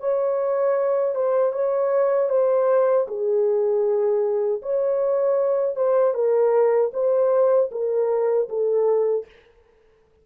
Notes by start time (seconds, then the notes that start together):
0.00 C#5
1.15 C5
1.53 C#5
2.30 C5
3.08 G#4
4.62 C#5
5.76 C5
6.14 A#4
6.93 C5
7.72 A#4
8.49 A4